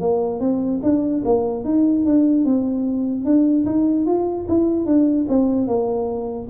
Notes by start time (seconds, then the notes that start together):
0.00 A#3
0.40 C4
0.83 D4
1.25 A#3
1.64 D#4
2.05 D4
2.45 C4
3.25 D4
3.66 D#4
4.06 F4
4.48 E4
4.85 D4
5.29 C4
5.67 A#3